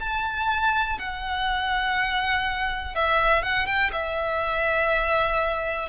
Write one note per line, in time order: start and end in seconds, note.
0.00 0.98 A5
0.99 2.95 F#5
2.95 3.42 E5
3.42 3.66 F#5
3.66 3.91 G5
3.92 5.89 E5